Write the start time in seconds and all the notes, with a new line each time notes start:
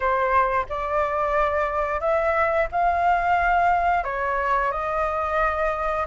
0.00 C5
0.69 D5
2.00 E5
2.71 F5
4.04 C#5
4.71 D#5